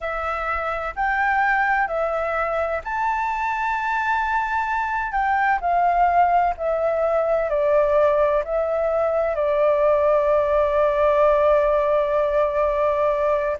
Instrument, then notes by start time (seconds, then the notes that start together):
flute
0.00 E5
0.95 G5
1.87 E5
2.84 A5
5.11 G5
5.60 F5
6.57 E5
7.49 D5
8.44 E5
9.35 D5